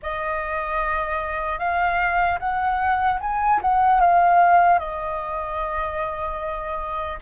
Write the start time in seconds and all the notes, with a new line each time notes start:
0.02 D#5
1.58 F5
2.39 F#5
3.20 G#5
3.61 F#5
4.00 F5
4.79 D#5